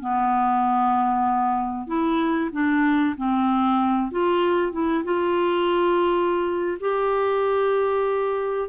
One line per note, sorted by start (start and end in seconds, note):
0.00 1.87 B3
1.87 2.50 E4
2.52 3.15 D4
3.17 4.11 C4
4.11 4.72 F4
4.72 5.04 E4
5.04 6.78 F4
6.80 8.69 G4